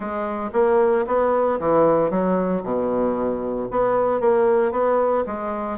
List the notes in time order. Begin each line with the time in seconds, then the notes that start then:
0.00 G#3
0.52 A#3
1.06 B3
1.59 E3
2.10 F#3
2.63 B2
3.70 B3
4.20 A#3
4.71 B3
5.26 G#3